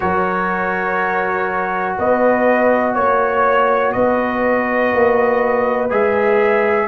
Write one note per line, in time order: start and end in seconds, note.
0.00 1.98 F#3
0.00 5.90 F#4
0.00 1.98 A#4
0.00 1.96 C#5
1.98 2.95 B3
1.98 2.94 B4
1.98 2.94 D#5
2.94 3.94 A#3
2.94 3.92 C#5
3.92 4.92 B3
3.92 6.87 B4
3.92 5.89 D#5
4.92 5.90 A#3
5.90 6.87 G#3
5.90 6.87 G#4
5.90 6.87 E5